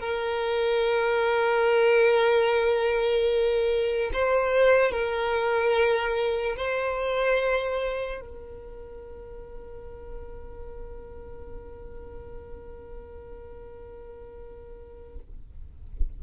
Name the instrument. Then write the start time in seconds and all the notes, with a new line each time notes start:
violin
0.00 A#4
4.13 C5
4.91 A#4
6.56 C5
8.21 A#4